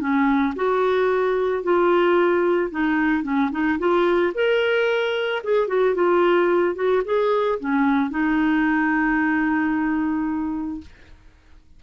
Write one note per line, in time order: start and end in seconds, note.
0.00 0.54 C#4
0.56 1.63 F#4
1.63 2.71 F4
2.71 3.24 D#4
3.24 3.51 C#4
3.51 3.78 D#4
3.79 4.33 F4
4.34 5.43 A#4
5.44 5.68 G#4
5.68 5.95 F#4
5.95 6.75 F4
6.75 7.02 F#4
7.05 7.59 G#4
7.60 8.11 C#4
8.11 10.81 D#4